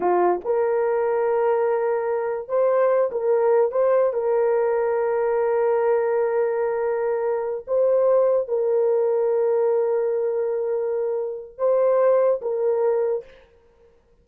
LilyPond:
\new Staff \with { instrumentName = "horn" } { \time 4/4 \tempo 4 = 145 f'4 ais'2.~ | ais'2 c''4. ais'8~ | ais'4 c''4 ais'2~ | ais'1~ |
ais'2~ ais'8 c''4.~ | c''8 ais'2.~ ais'8~ | ais'1 | c''2 ais'2 | }